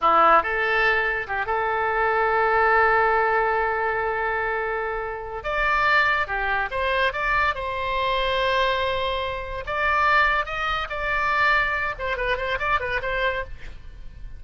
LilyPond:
\new Staff \with { instrumentName = "oboe" } { \time 4/4 \tempo 4 = 143 e'4 a'2 g'8 a'8~ | a'1~ | a'1~ | a'4 d''2 g'4 |
c''4 d''4 c''2~ | c''2. d''4~ | d''4 dis''4 d''2~ | d''8 c''8 b'8 c''8 d''8 b'8 c''4 | }